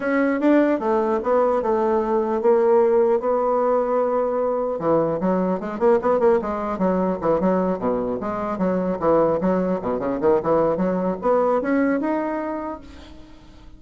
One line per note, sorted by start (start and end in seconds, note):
0.00 0.40 C#4
0.40 0.79 D4
0.79 1.19 A3
1.23 1.62 B3
1.62 2.41 A3
2.41 3.19 A#3
3.19 4.79 B3
4.79 5.19 E3
5.20 5.60 F#3
5.60 5.79 G#3
5.79 5.99 A#3
6.01 6.19 B3
6.19 6.39 A#3
6.41 6.78 G#3
6.78 7.18 F#3
7.21 7.40 E3
7.40 7.78 F#3
7.78 8.18 B2
8.20 8.58 G#3
8.58 8.98 F#3
8.99 9.39 E3
9.40 9.80 F#3
9.81 9.99 B2
9.99 10.19 C#3
10.20 10.40 D#3
10.43 10.76 E3
10.76 11.16 F#3
11.21 11.61 B3
11.61 12.00 C#4
12.00 12.80 D#4